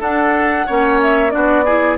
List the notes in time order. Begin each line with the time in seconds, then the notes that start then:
0.00 D4 A4 F#5
0.67 A#3 C#4 C#5
1.02 E5
1.31 B3 D4 F#4 D5
1.65 E4 G#4